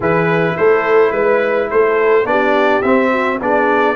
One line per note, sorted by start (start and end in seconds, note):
0.00 0.55 E3
0.00 2.25 E4
0.00 0.56 G#4
0.00 0.56 B4
0.56 1.11 A3
0.56 1.12 A4
0.56 1.12 C5
1.11 1.68 G#3
1.11 1.68 B4
1.11 1.69 B4
1.70 2.24 A3
1.70 2.27 A4
1.70 2.26 C5
2.24 2.81 B3
2.24 2.82 D4
2.24 3.11 G4
2.24 2.81 D5
2.81 3.40 C4
2.81 3.38 E5
3.11 3.39 F#4
3.40 3.95 B3
3.40 3.95 D4
3.40 3.95 G#4
3.40 3.95 D5